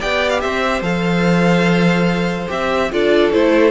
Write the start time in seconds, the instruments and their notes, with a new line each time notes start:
0.00 cello B3, viola G4, violin D5 G5
0.30 violin F5
0.41 cello C4, violin C5 E5
0.82 cello F3, viola A4, violin F5
2.48 cello C4, viola G4, violin E5
2.92 cello D4, viola F4, violin A4 D5
3.32 cello A3, viola E4, violin C5